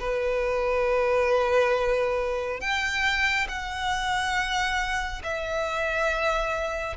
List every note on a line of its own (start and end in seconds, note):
0.00 2.61 B4
2.61 3.48 G5
3.49 5.23 F#5
5.25 6.97 E5